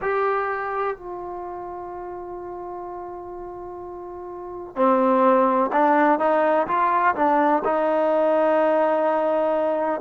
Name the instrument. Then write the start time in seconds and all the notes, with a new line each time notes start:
trombone
0.01 G4
0.96 F4
4.75 C4
5.72 D4
6.19 D#4
6.67 F4
7.15 D4
7.64 D#4